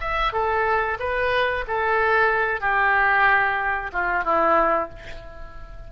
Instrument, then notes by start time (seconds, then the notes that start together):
oboe
0.00 E5
0.33 A4
0.99 B4
1.67 A4
2.61 G4
3.92 F4
4.24 E4